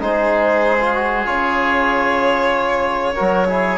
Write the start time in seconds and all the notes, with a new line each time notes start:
0.00 G#3 D#4 G#4 C5
0.81 F4
0.95 F#4
1.25 C#3 F4 C#5
3.15 F#3 F#4 A#4
3.49 E4 G#4